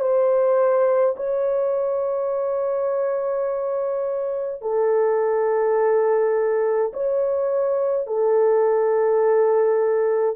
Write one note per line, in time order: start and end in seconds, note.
0.00 1.15 C5
1.17 4.62 C#5
4.62 6.92 A4
6.94 8.07 C#5
8.07 10.36 A4